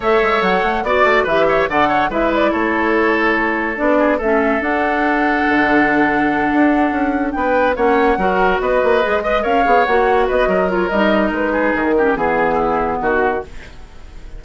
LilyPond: <<
  \new Staff \with { instrumentName = "flute" } { \time 4/4 \tempo 4 = 143 e''4 fis''4 d''4 e''4 | fis''4 e''8 d''8 cis''2~ | cis''4 d''4 e''4 fis''4~ | fis''1~ |
fis''4. g''4 fis''4.~ | fis''8 dis''2 f''4 fis''8~ | fis''8 dis''4 cis''8 dis''4 b'4 | ais'4 gis'2 fis'4 | }
  \new Staff \with { instrumentName = "oboe" } { \time 4/4 cis''2 d''4 b'8 cis''8 | d''8 cis''8 b'4 a'2~ | a'4. gis'8 a'2~ | a'1~ |
a'4. b'4 cis''4 ais'8~ | ais'8 b'4. dis''8 cis''4.~ | cis''8 b'8 ais'2~ ais'8 gis'8~ | gis'8 g'8 gis'4 e'4 fis'4 | }
  \new Staff \with { instrumentName = "clarinet" } { \time 4/4 a'2 fis'4 g'4 | a'4 e'2.~ | e'4 d'4 cis'4 d'4~ | d'1~ |
d'2~ d'8 cis'4 fis'8~ | fis'4. gis'8 b'8 ais'8 gis'8 fis'8~ | fis'4. f'8 dis'2~ | dis'8 cis'8 b2. | }
  \new Staff \with { instrumentName = "bassoon" } { \time 4/4 a8 gis8 fis8 a8 b8 a8 e4 | d4 gis4 a2~ | a4 b4 a4 d'4~ | d'4 d2~ d8 d'8~ |
d'8 cis'4 b4 ais4 fis8~ | fis8 b8 ais8 gis4 cis'8 b8 ais8~ | ais8 b8 fis4 g4 gis4 | dis4 e2 dis4 | }
>>